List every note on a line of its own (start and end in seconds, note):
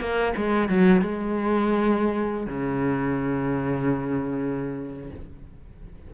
0.00 0.33 A#3
0.37 0.69 G#3
0.69 1.01 F#3
1.01 2.46 G#3
2.46 5.10 C#3